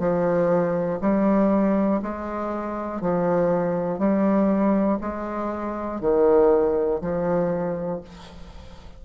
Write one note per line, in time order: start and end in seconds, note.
0.00 1.00 F3
1.02 2.02 G3
2.03 3.02 G#3
3.02 3.99 F3
3.99 4.99 G3
5.01 6.01 G#3
6.01 7.01 D#3
7.02 8.02 F3